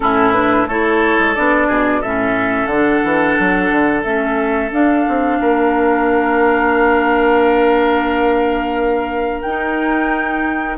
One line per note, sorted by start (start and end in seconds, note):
0.00 0.66 A2
0.00 0.33 C#4
0.00 0.68 E4
0.00 0.32 A4
0.32 0.67 D4
0.32 0.65 B4
0.66 1.16 A3
0.66 1.35 E4
0.66 1.67 A4
0.66 1.34 C#5
1.18 1.35 G#3
1.34 1.69 B3
1.34 2.03 D4
1.34 2.02 D5
1.67 2.02 B2
1.67 2.00 G#4
2.00 2.66 A2
2.00 2.71 C#4
2.00 5.37 A4
2.00 2.66 E5
2.66 3.00 D3
2.66 4.01 F#5
2.72 4.04 D4
3.03 3.37 E3
3.39 3.71 F#3
3.71 4.04 D3
4.03 4.71 A3
4.03 4.71 C#4
4.03 4.70 E5
4.71 9.43 D4
4.71 5.05 D4
4.71 9.41 F5
5.08 5.39 C4
5.39 9.44 A#3
5.39 10.77 A#4
9.41 10.77 D#4
9.41 10.76 G5